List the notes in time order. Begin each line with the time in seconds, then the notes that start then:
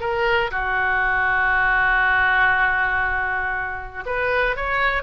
0.00 A#4
0.51 F#4
4.06 B4
4.56 C#5